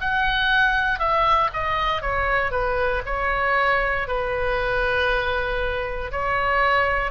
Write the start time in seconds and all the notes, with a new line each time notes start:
0.00 F#5
0.99 E5
1.53 D#5
2.02 C#5
2.51 B4
3.06 C#5
4.08 B4
6.12 C#5